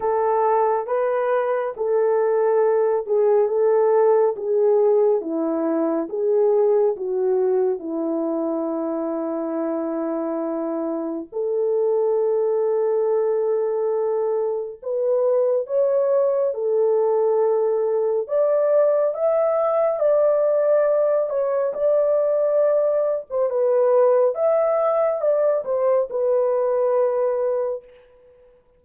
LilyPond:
\new Staff \with { instrumentName = "horn" } { \time 4/4 \tempo 4 = 69 a'4 b'4 a'4. gis'8 | a'4 gis'4 e'4 gis'4 | fis'4 e'2.~ | e'4 a'2.~ |
a'4 b'4 cis''4 a'4~ | a'4 d''4 e''4 d''4~ | d''8 cis''8 d''4.~ d''16 c''16 b'4 | e''4 d''8 c''8 b'2 | }